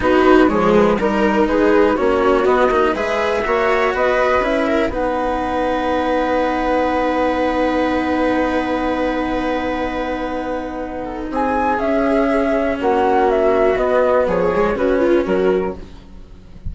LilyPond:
<<
  \new Staff \with { instrumentName = "flute" } { \time 4/4 \tempo 4 = 122 b'4 cis''8 b'8 ais'4 b'4 | cis''4 dis''4 e''2 | dis''4 e''4 fis''2~ | fis''1~ |
fis''1~ | fis''2. gis''4 | e''2 fis''4 e''4 | dis''4 cis''4 b'4 ais'4 | }
  \new Staff \with { instrumentName = "viola" } { \time 4/4 fis'4 gis'4 ais'4 gis'4 | fis'2 b'4 cis''4 | b'4. ais'8 b'2~ | b'1~ |
b'1~ | b'2~ b'8 a'8 gis'4~ | gis'2 fis'2~ | fis'4 gis'4 fis'8 f'8 fis'4 | }
  \new Staff \with { instrumentName = "cello" } { \time 4/4 dis'4 gis4 dis'2 | cis'4 b8 dis'8 gis'4 fis'4~ | fis'4 e'4 dis'2~ | dis'1~ |
dis'1~ | dis'1 | cis'1 | b4. gis8 cis'2 | }
  \new Staff \with { instrumentName = "bassoon" } { \time 4/4 b4 f4 g4 gis4 | ais4 b8 ais8 gis4 ais4 | b4 cis'4 b2~ | b1~ |
b1~ | b2. c'4 | cis'2 ais2 | b4 f4 cis4 fis4 | }
>>